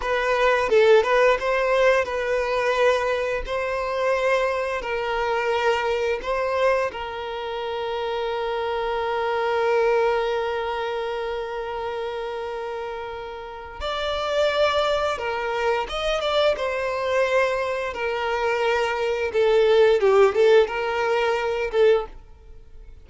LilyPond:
\new Staff \with { instrumentName = "violin" } { \time 4/4 \tempo 4 = 87 b'4 a'8 b'8 c''4 b'4~ | b'4 c''2 ais'4~ | ais'4 c''4 ais'2~ | ais'1~ |
ais'1 | d''2 ais'4 dis''8 d''8 | c''2 ais'2 | a'4 g'8 a'8 ais'4. a'8 | }